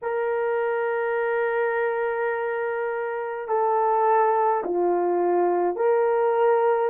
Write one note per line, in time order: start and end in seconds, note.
0.02 3.48 A#4
3.48 4.63 A4
4.64 5.75 F4
5.75 6.89 A#4